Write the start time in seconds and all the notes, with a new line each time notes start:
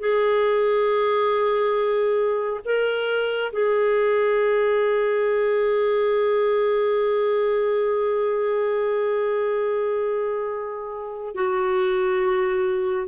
0.00 G#4
2.65 A#4
3.53 G#4
11.36 F#4